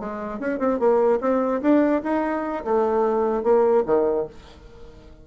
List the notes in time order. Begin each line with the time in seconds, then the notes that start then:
0.00 G#3
0.40 C#4
0.60 C4
0.80 A#3
1.21 C4
1.62 D4
2.04 D#4
2.65 A3
3.44 A#3
3.87 D#3